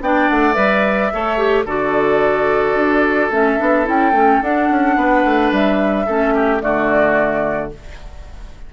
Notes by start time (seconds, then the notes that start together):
0.00 B3 D4 D5 G5
0.29 A3 F#5
0.53 G3 B4 E5
1.13 A3 A4 C#5
1.37 G4
1.65 D3 F#4 A4 D5
2.74 D4
3.30 A3 C#4 E5
3.58 B3 D4
3.84 C#4 E4 G5
4.12 A3 C#4
4.41 D4 F#5
4.69 C#4
4.96 B3 B4
5.24 A3
5.51 G3 E5
6.06 A3 C#4 A4
6.34 G4
6.60 D3 A3 F#4 D5